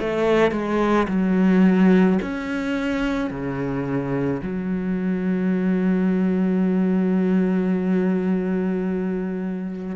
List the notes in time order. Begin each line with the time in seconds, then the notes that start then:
0.00 A3
0.52 G#3
1.08 F#3
2.22 C#4
3.30 C#3
4.43 F#3